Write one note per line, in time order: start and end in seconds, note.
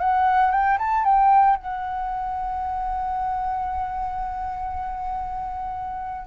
0.00 0.52 F#5
0.52 0.78 G5
0.79 1.05 A5
1.05 1.57 G5
1.57 6.28 F#5